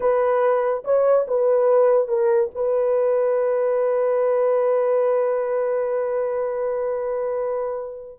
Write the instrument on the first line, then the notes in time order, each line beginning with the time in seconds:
horn
0.00 B4
0.84 C#5
1.27 B4
2.08 A#4
2.55 B4